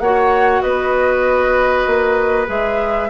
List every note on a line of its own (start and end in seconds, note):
0.00 0.62 A#3
0.00 2.47 F#4
0.00 0.63 C#5
0.00 0.62 F#5
0.62 1.87 B3
0.62 3.10 B4
0.62 2.48 D#5
1.87 2.48 A#3
2.47 3.10 G#3
2.47 3.09 G#4
2.47 3.10 E5